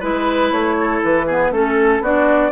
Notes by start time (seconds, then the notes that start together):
0.00 G#3 E4 B4
0.51 A3 C#5
0.80 A4
1.04 E3 B4
1.26 B3 G#4
1.51 A3 C#4 A4
2.00 B3 D4 F#4 D5